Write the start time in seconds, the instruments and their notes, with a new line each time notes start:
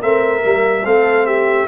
0.00 tuba A3, trombone C4, horn A#4, trumpet E5
0.41 tuba G3, trombone A#3
0.84 tuba A3, trombone C4, horn A4, trumpet F5
1.26 horn G4, trumpet E5